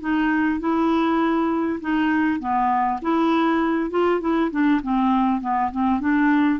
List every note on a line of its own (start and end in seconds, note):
0.00 0.59 D#4
0.59 1.79 E4
1.81 2.39 D#4
2.39 2.99 B3
3.02 3.90 E4
3.90 4.20 F4
4.21 4.51 E4
4.51 4.81 D4
4.82 5.41 C4
5.41 5.71 B3
5.71 6.00 C4
6.00 6.59 D4